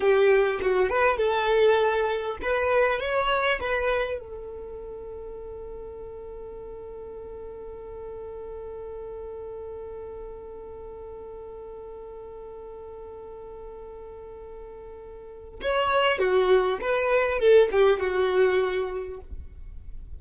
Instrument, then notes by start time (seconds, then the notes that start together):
violin
0.00 G4
0.61 F#4
0.89 B4
1.17 A4
2.42 B4
2.99 C#5
3.60 B4
4.19 A4
15.61 C#5
16.18 F#4
16.81 B4
17.39 A4
17.71 G4
17.99 F#4